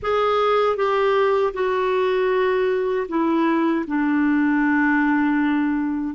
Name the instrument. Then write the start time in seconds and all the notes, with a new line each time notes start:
clarinet
0.02 G#4
0.76 G4
1.53 F#4
3.08 E4
3.87 D4